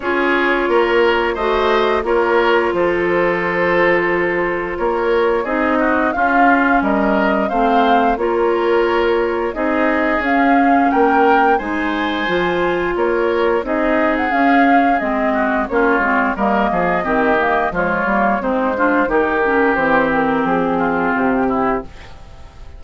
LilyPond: <<
  \new Staff \with { instrumentName = "flute" } { \time 4/4 \tempo 4 = 88 cis''2 dis''4 cis''4 | c''2. cis''4 | dis''4 f''4 dis''4 f''4 | cis''2 dis''4 f''4 |
g''4 gis''2 cis''4 | dis''8. fis''16 f''4 dis''4 cis''4 | dis''2 cis''4 c''4 | ais'4 c''8 ais'8 gis'4 g'4 | }
  \new Staff \with { instrumentName = "oboe" } { \time 4/4 gis'4 ais'4 c''4 ais'4 | a'2. ais'4 | gis'8 fis'8 f'4 ais'4 c''4 | ais'2 gis'2 |
ais'4 c''2 ais'4 | gis'2~ gis'8 fis'8 f'4 | ais'8 gis'8 g'4 f'4 dis'8 f'8 | g'2~ g'8 f'4 e'8 | }
  \new Staff \with { instrumentName = "clarinet" } { \time 4/4 f'2 fis'4 f'4~ | f'1 | dis'4 cis'2 c'4 | f'2 dis'4 cis'4~ |
cis'4 dis'4 f'2 | dis'4 cis'4 c'4 cis'8 c'8 | ais4 c'8 ais8 gis8 ais8 c'8 d'8 | dis'8 cis'8 c'2. | }
  \new Staff \with { instrumentName = "bassoon" } { \time 4/4 cis'4 ais4 a4 ais4 | f2. ais4 | c'4 cis'4 g4 a4 | ais2 c'4 cis'4 |
ais4 gis4 f4 ais4 | c'4 cis'4 gis4 ais8 gis8 | g8 f8 dis4 f8 g8 gis4 | dis4 e4 f4 c4 | }
>>